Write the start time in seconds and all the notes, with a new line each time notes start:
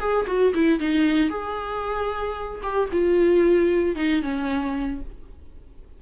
0.00 G#4
0.27 F#4
0.55 E4
0.80 D#4
1.30 G#4
2.63 G4
2.93 F4
3.96 D#4
4.22 C#4